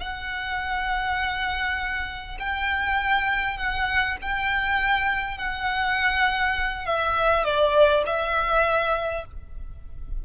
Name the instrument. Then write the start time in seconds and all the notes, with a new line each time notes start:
violin
0.00 F#5
2.39 G5
3.57 F#5
4.21 G5
5.37 F#5
6.86 E5
7.44 D5
8.06 E5